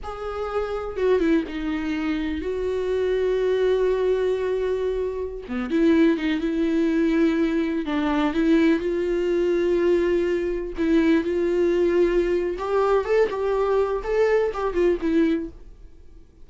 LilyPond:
\new Staff \with { instrumentName = "viola" } { \time 4/4 \tempo 4 = 124 gis'2 fis'8 e'8 dis'4~ | dis'4 fis'2.~ | fis'2.~ fis'16 b8 e'16~ | e'8. dis'8 e'2~ e'8.~ |
e'16 d'4 e'4 f'4.~ f'16~ | f'2~ f'16 e'4 f'8.~ | f'2 g'4 a'8 g'8~ | g'4 a'4 g'8 f'8 e'4 | }